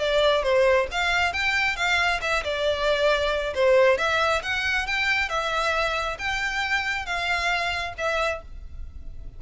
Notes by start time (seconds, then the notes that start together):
0.00 D5
0.43 C5
0.92 F5
1.33 G5
1.77 F5
2.22 E5
2.44 D5
3.55 C5
3.98 E5
4.43 F#5
4.87 G5
5.30 E5
6.19 G5
7.06 F5
7.98 E5